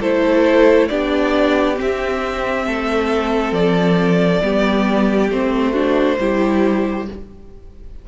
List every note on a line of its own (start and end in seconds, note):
0.00 0.90 A3
0.00 0.90 E4
0.00 0.88 A4
0.00 0.88 C5
0.88 1.79 B3
0.88 1.75 D4
0.88 2.66 G4
0.88 1.76 D5
1.75 4.40 C4
1.75 3.54 E5
1.81 2.66 C4
2.66 3.52 A3
2.66 4.43 A4
3.52 4.40 F3
3.52 5.31 D5
4.42 5.30 G3
4.42 5.31 B3
4.42 5.72 G4
5.30 6.18 A3
5.30 5.74 C4
5.30 7.08 C5
5.72 6.18 D4
5.72 6.16 F#4
6.19 7.08 G3
6.19 7.08 E4
6.19 7.08 G4